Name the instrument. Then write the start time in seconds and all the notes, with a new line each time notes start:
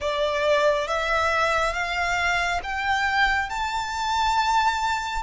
violin
0.00 D5
0.87 E5
1.73 F5
2.63 G5
3.49 A5